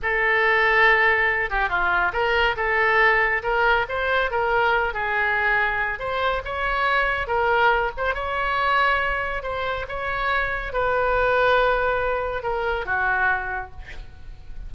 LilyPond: \new Staff \with { instrumentName = "oboe" } { \time 4/4 \tempo 4 = 140 a'2.~ a'8 g'8 | f'4 ais'4 a'2 | ais'4 c''4 ais'4. gis'8~ | gis'2 c''4 cis''4~ |
cis''4 ais'4. c''8 cis''4~ | cis''2 c''4 cis''4~ | cis''4 b'2.~ | b'4 ais'4 fis'2 | }